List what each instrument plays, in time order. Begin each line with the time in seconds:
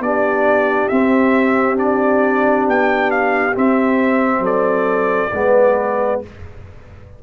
0.00 tuba B3, trombone D4, horn G4, trumpet D5
0.89 trombone C4, tuba C4, trumpet E5
1.76 trombone D4, trumpet D5
2.68 tuba B3, trumpet G5
3.11 trumpet F5
3.53 trombone C4, tuba C4, trumpet E5
4.40 tuba F#3, horn A4
4.46 trumpet D5
5.33 tuba G#3, trombone B3, horn B4